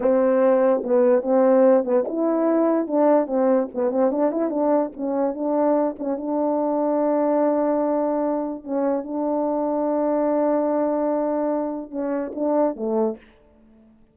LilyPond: \new Staff \with { instrumentName = "horn" } { \time 4/4 \tempo 4 = 146 c'2 b4 c'4~ | c'8 b8 e'2 d'4 | c'4 b8 c'8 d'8 e'8 d'4 | cis'4 d'4. cis'8 d'4~ |
d'1~ | d'4 cis'4 d'2~ | d'1~ | d'4 cis'4 d'4 a4 | }